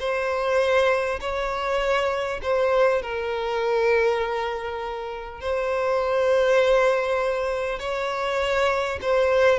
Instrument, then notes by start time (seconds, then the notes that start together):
violin
0.00 C5
1.21 C#5
2.43 C5
3.02 A#4
5.41 C5
7.79 C#5
9.02 C5